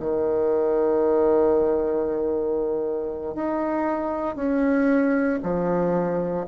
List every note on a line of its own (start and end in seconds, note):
0.00 3.35 D#3
3.35 4.36 D#4
4.36 5.39 C#4
5.43 6.47 F3